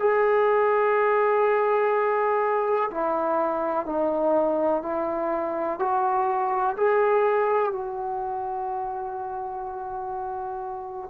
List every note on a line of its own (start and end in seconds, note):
0.00 2.90 G#4
2.91 3.86 E4
3.86 4.83 D#4
4.83 5.80 E4
5.80 6.77 F#4
6.77 7.72 G#4
7.72 11.10 F#4